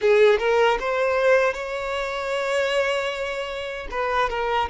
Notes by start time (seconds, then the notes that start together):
0.01 G#4
0.39 A#4
0.79 C5
1.53 C#5
3.91 B4
4.29 A#4